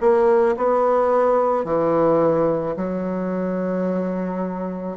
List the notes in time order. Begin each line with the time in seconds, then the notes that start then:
0.00 A#3
0.57 B3
1.64 E3
2.76 F#3